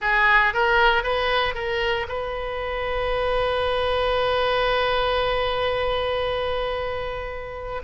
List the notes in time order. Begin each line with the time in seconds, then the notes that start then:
0.01 G#4
0.53 A#4
1.03 B4
1.54 A#4
2.08 B4